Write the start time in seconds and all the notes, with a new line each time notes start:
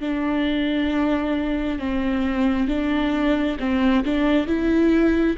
0.00 D4
1.79 C4
2.68 D4
3.59 C4
4.04 D4
4.47 E4